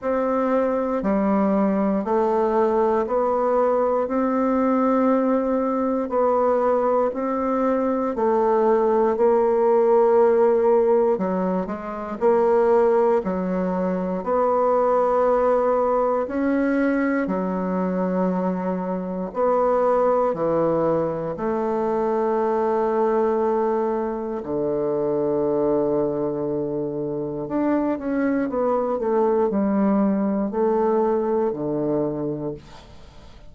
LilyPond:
\new Staff \with { instrumentName = "bassoon" } { \time 4/4 \tempo 4 = 59 c'4 g4 a4 b4 | c'2 b4 c'4 | a4 ais2 fis8 gis8 | ais4 fis4 b2 |
cis'4 fis2 b4 | e4 a2. | d2. d'8 cis'8 | b8 a8 g4 a4 d4 | }